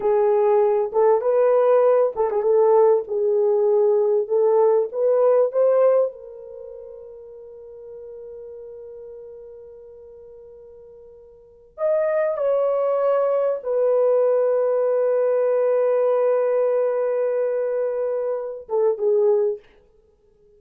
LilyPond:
\new Staff \with { instrumentName = "horn" } { \time 4/4 \tempo 4 = 98 gis'4. a'8 b'4. a'16 gis'16 | a'4 gis'2 a'4 | b'4 c''4 ais'2~ | ais'1~ |
ais'2.~ ais'16 dis''8.~ | dis''16 cis''2 b'4.~ b'16~ | b'1~ | b'2~ b'8 a'8 gis'4 | }